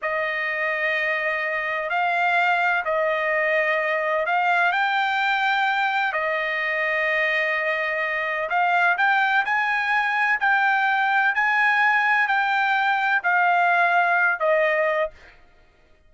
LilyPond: \new Staff \with { instrumentName = "trumpet" } { \time 4/4 \tempo 4 = 127 dis''1 | f''2 dis''2~ | dis''4 f''4 g''2~ | g''4 dis''2.~ |
dis''2 f''4 g''4 | gis''2 g''2 | gis''2 g''2 | f''2~ f''8 dis''4. | }